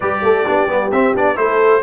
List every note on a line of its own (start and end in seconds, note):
0.00 0.22 G3
0.00 0.45 G4
0.00 0.22 B4
0.00 0.91 D5
0.22 0.45 A3
0.22 0.45 A4
0.45 0.66 B3
0.45 0.68 D4
0.45 1.36 G4
0.66 0.89 G3
0.66 0.91 B3
0.91 1.14 C4
0.91 1.15 C4
0.91 1.14 E5
1.15 1.37 B3
1.15 1.35 D4
1.15 1.37 D5
1.35 1.83 A3
1.35 1.81 E4
1.35 1.83 A4
1.35 1.83 C5